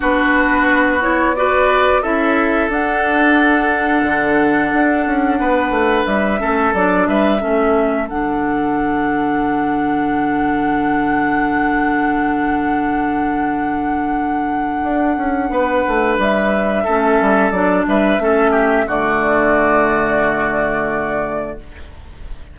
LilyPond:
<<
  \new Staff \with { instrumentName = "flute" } { \time 4/4 \tempo 4 = 89 b'4. cis''8 d''4 e''4 | fis''1~ | fis''4 e''4 d''8 e''4. | fis''1~ |
fis''1~ | fis''1 | e''2 d''8 e''4. | d''1 | }
  \new Staff \with { instrumentName = "oboe" } { \time 4/4 fis'2 b'4 a'4~ | a'1 | b'4. a'4 b'8 a'4~ | a'1~ |
a'1~ | a'2. b'4~ | b'4 a'4. b'8 a'8 g'8 | fis'1 | }
  \new Staff \with { instrumentName = "clarinet" } { \time 4/4 d'4. e'8 fis'4 e'4 | d'1~ | d'4. cis'8 d'4 cis'4 | d'1~ |
d'1~ | d'1~ | d'4 cis'4 d'4 cis'4 | a1 | }
  \new Staff \with { instrumentName = "bassoon" } { \time 4/4 b2. cis'4 | d'2 d4 d'8 cis'8 | b8 a8 g8 a8 fis8 g8 a4 | d1~ |
d1~ | d2 d'8 cis'8 b8 a8 | g4 a8 g8 fis8 g8 a4 | d1 | }
>>